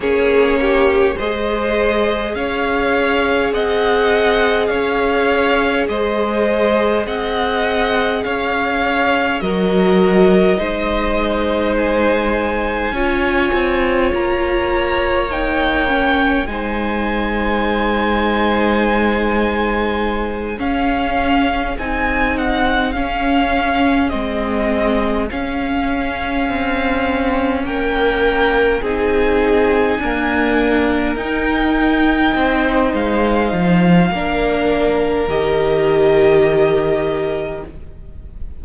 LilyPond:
<<
  \new Staff \with { instrumentName = "violin" } { \time 4/4 \tempo 4 = 51 cis''4 dis''4 f''4 fis''4 | f''4 dis''4 fis''4 f''4 | dis''2 gis''2 | ais''4 g''4 gis''2~ |
gis''4. f''4 gis''8 fis''8 f''8~ | f''8 dis''4 f''2 g''8~ | g''8 gis''2 g''4. | f''2 dis''2 | }
  \new Staff \with { instrumentName = "violin" } { \time 4/4 gis'8 g'8 c''4 cis''4 dis''4 | cis''4 c''4 dis''4 cis''4 | ais'4 c''2 cis''4~ | cis''2 c''2~ |
c''4. gis'2~ gis'8~ | gis'2.~ gis'8 ais'8~ | ais'8 gis'4 ais'2 c''8~ | c''4 ais'2. | }
  \new Staff \with { instrumentName = "viola" } { \time 4/4 cis'4 gis'2.~ | gis'1 | fis'4 dis'2 f'4~ | f'4 dis'8 cis'8 dis'2~ |
dis'4. cis'4 dis'4 cis'8~ | cis'8 c'4 cis'2~ cis'8~ | cis'8 dis'4 ais4 dis'4.~ | dis'4 d'4 g'2 | }
  \new Staff \with { instrumentName = "cello" } { \time 4/4 ais4 gis4 cis'4 c'4 | cis'4 gis4 c'4 cis'4 | fis4 gis2 cis'8 c'8 | ais2 gis2~ |
gis4. cis'4 c'4 cis'8~ | cis'8 gis4 cis'4 c'4 ais8~ | ais8 c'4 d'4 dis'4 c'8 | gis8 f8 ais4 dis2 | }
>>